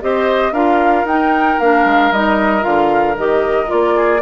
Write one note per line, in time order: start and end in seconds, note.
0.00 0.51 C4
0.00 0.53 G4
0.00 0.53 C5
0.00 0.53 D#5
0.51 1.04 D4
0.51 1.06 F4
0.51 3.95 A#4
0.51 1.05 F5
1.04 1.56 D#4
1.04 1.60 D#4
1.04 1.59 G5
1.59 1.84 A#3
1.59 2.13 D4
1.59 2.12 F5
1.84 2.11 G#3
2.11 2.64 G3
2.11 2.61 D#4
2.11 2.63 D#5
2.61 3.17 D3
2.61 3.13 F4
2.61 3.15 F5
3.17 3.70 D#3
3.17 3.66 G4
3.17 3.69 D#5
3.66 4.21 A#3
3.66 4.19 F4
3.66 4.21 D5
3.95 4.21 G#4